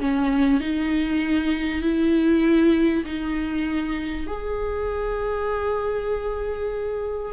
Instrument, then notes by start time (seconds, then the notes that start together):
viola
0.00 C#4
0.60 D#4
1.82 E4
3.05 D#4
4.27 G#4